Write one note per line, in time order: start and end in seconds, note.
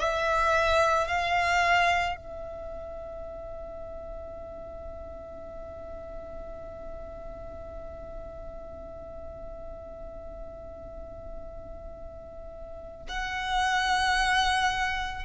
0.00 1.07 E5
1.07 2.16 F5
2.16 13.07 E5
13.09 15.25 F#5